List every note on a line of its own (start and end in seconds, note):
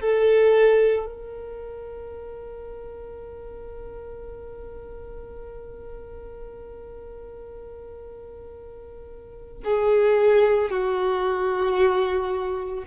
0.00 1.06 A4
1.06 9.63 A#4
9.64 10.70 G#4
10.70 12.84 F#4